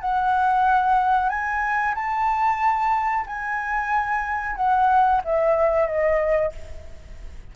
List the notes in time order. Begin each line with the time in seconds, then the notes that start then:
0.00 F#5
1.29 G#5
1.94 A5
3.26 G#5
4.56 F#5
5.24 E5
5.86 D#5